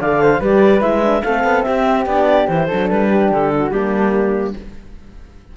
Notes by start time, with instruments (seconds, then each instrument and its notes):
0.00 cello D3, horn A4, flute D5, clarinet F5
0.22 flute C5
0.40 cello G3, horn G4, flute B4, clarinet D5
0.81 cello G#3, horn E4, clarinet E5
1.02 horn D4
1.23 cello A3, horn C4, flute A4, clarinet F5
1.44 cello B3
1.62 cello C4, flute G4, clarinet E5
2.06 cello B3, horn D4, clarinet D5
2.47 cello E3, horn E4, clarinet C5
2.67 horn D4, flute A4
2.73 cello F#3
2.89 cello G3, clarinet B4
3.11 flute G4
3.31 cello D3, clarinet A4
3.56 flute F#4
3.71 cello G3, horn A#3, flute D4, clarinet G4